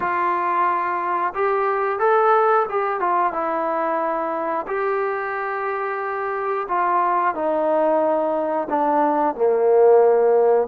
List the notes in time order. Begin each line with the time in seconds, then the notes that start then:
0.00 F4
1.34 G4
1.99 A4
2.69 G4
3.00 F4
3.32 E4
4.67 G4
6.68 F4
7.34 D#4
8.69 D4
9.35 A#3